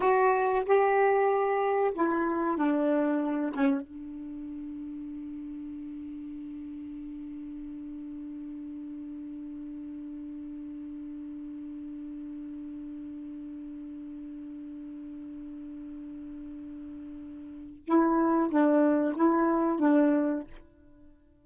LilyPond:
\new Staff \with { instrumentName = "saxophone" } { \time 4/4 \tempo 4 = 94 fis'4 g'2 e'4 | d'4. cis'8 d'2~ | d'1~ | d'1~ |
d'1~ | d'1~ | d'1 | e'4 d'4 e'4 d'4 | }